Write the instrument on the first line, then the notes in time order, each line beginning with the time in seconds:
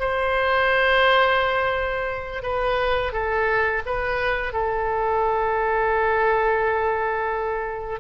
oboe
0.00 C5
2.43 B4
3.13 A4
3.86 B4
4.53 A4